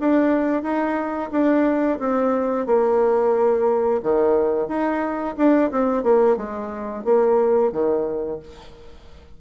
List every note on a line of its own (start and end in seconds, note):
0.00 0.63 D4
0.63 1.30 D#4
1.31 1.99 D4
1.99 2.66 C4
2.66 4.01 A#3
4.03 4.68 D#3
4.68 5.35 D#4
5.37 5.71 D4
5.71 6.03 C4
6.03 6.37 A#3
6.37 7.04 G#3
7.04 7.72 A#3
7.72 8.40 D#3